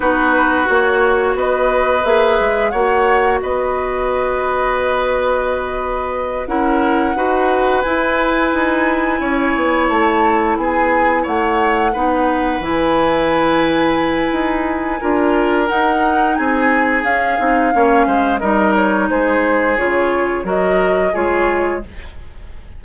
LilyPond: <<
  \new Staff \with { instrumentName = "flute" } { \time 4/4 \tempo 4 = 88 b'4 cis''4 dis''4 e''4 | fis''4 dis''2.~ | dis''4. fis''2 gis''8~ | gis''2~ gis''8 a''4 gis''8~ |
gis''8 fis''2 gis''4.~ | gis''2. fis''4 | gis''4 f''2 dis''8 cis''8 | c''4 cis''4 dis''4 cis''4 | }
  \new Staff \with { instrumentName = "oboe" } { \time 4/4 fis'2 b'2 | cis''4 b'2.~ | b'4. ais'4 b'4.~ | b'4. cis''2 gis'8~ |
gis'8 cis''4 b'2~ b'8~ | b'2 ais'2 | gis'2 cis''8 c''8 ais'4 | gis'2 ais'4 gis'4 | }
  \new Staff \with { instrumentName = "clarinet" } { \time 4/4 dis'4 fis'2 gis'4 | fis'1~ | fis'4. e'4 fis'4 e'8~ | e'1~ |
e'4. dis'4 e'4.~ | e'2 f'4 dis'4~ | dis'4 cis'8 dis'8 cis'4 dis'4~ | dis'4 f'4 fis'4 f'4 | }
  \new Staff \with { instrumentName = "bassoon" } { \time 4/4 b4 ais4 b4 ais8 gis8 | ais4 b2.~ | b4. cis'4 dis'4 e'8~ | e'8 dis'4 cis'8 b8 a4 b8~ |
b8 a4 b4 e4.~ | e4 dis'4 d'4 dis'4 | c'4 cis'8 c'8 ais8 gis8 g4 | gis4 cis4 fis4 gis4 | }
>>